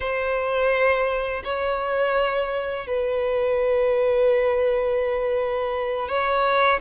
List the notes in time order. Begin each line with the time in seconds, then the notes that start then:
0.00 C5
1.44 C#5
2.86 B4
6.08 C#5